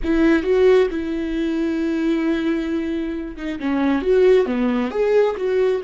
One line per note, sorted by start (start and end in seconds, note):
0.03 0.42 E4
0.42 0.87 F#4
0.90 3.36 E4
3.36 3.59 D#4
3.59 4.02 C#4
4.02 4.46 F#4
4.46 4.91 B3
4.91 5.35 G#4
5.36 5.81 F#4